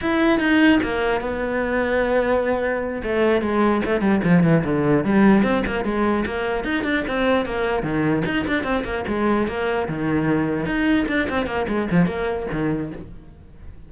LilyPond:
\new Staff \with { instrumentName = "cello" } { \time 4/4 \tempo 4 = 149 e'4 dis'4 ais4 b4~ | b2.~ b8 a8~ | a8 gis4 a8 g8 f8 e8 d8~ | d8 g4 c'8 ais8 gis4 ais8~ |
ais8 dis'8 d'8 c'4 ais4 dis8~ | dis8 dis'8 d'8 c'8 ais8 gis4 ais8~ | ais8 dis2 dis'4 d'8 | c'8 ais8 gis8 f8 ais4 dis4 | }